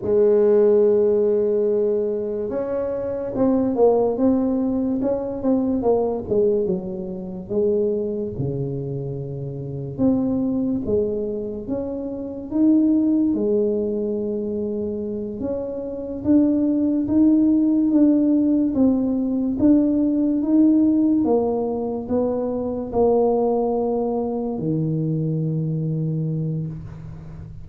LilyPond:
\new Staff \with { instrumentName = "tuba" } { \time 4/4 \tempo 4 = 72 gis2. cis'4 | c'8 ais8 c'4 cis'8 c'8 ais8 gis8 | fis4 gis4 cis2 | c'4 gis4 cis'4 dis'4 |
gis2~ gis8 cis'4 d'8~ | d'8 dis'4 d'4 c'4 d'8~ | d'8 dis'4 ais4 b4 ais8~ | ais4. dis2~ dis8 | }